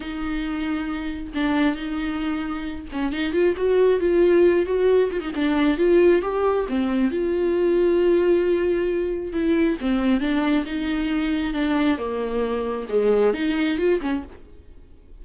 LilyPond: \new Staff \with { instrumentName = "viola" } { \time 4/4 \tempo 4 = 135 dis'2. d'4 | dis'2~ dis'8 cis'8 dis'8 f'8 | fis'4 f'4. fis'4 f'16 dis'16 | d'4 f'4 g'4 c'4 |
f'1~ | f'4 e'4 c'4 d'4 | dis'2 d'4 ais4~ | ais4 gis4 dis'4 f'8 cis'8 | }